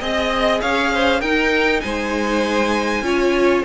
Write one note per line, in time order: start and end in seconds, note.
0.00 0.61 C4
0.00 1.22 G#4
0.00 0.61 D#5
0.61 1.22 C#4
0.61 0.92 C#5
0.61 1.21 F5
0.94 1.20 C5
1.20 1.82 D#4
1.20 3.03 D#4
1.20 1.81 A#4
1.20 1.80 G5
1.80 3.02 G#3
1.80 3.04 C5
1.80 3.62 G#5
3.02 3.63 C#4
3.02 3.64 F4
3.02 3.65 C#5